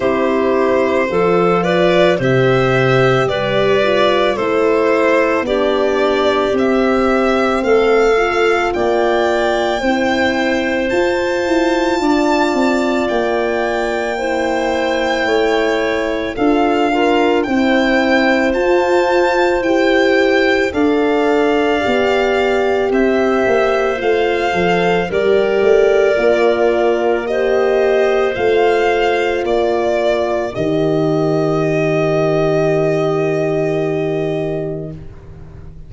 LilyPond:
<<
  \new Staff \with { instrumentName = "violin" } { \time 4/4 \tempo 4 = 55 c''4. d''8 e''4 d''4 | c''4 d''4 e''4 f''4 | g''2 a''2 | g''2. f''4 |
g''4 a''4 g''4 f''4~ | f''4 e''4 f''4 d''4~ | d''4 dis''4 f''4 d''4 | dis''1 | }
  \new Staff \with { instrumentName = "clarinet" } { \time 4/4 g'4 a'8 b'8 c''4 b'4 | a'4 g'2 a'4 | d''4 c''2 d''4~ | d''4 c''4 cis''4 a'8 f'8 |
c''2. d''4~ | d''4 c''2 ais'4~ | ais'4 c''2 ais'4~ | ais'1 | }
  \new Staff \with { instrumentName = "horn" } { \time 4/4 e'4 f'4 g'4. f'8 | e'4 d'4 c'4. f'8~ | f'4 e'4 f'2~ | f'4 e'2 f'8 ais'8 |
e'4 f'4 g'4 a'4 | g'2 f'8 a'8 g'4 | f'4 g'4 f'2 | g'1 | }
  \new Staff \with { instrumentName = "tuba" } { \time 4/4 c'4 f4 c4 g4 | a4 b4 c'4 a4 | ais4 c'4 f'8 e'8 d'8 c'8 | ais2 a4 d'4 |
c'4 f'4 e'4 d'4 | b4 c'8 ais8 a8 f8 g8 a8 | ais2 a4 ais4 | dis1 | }
>>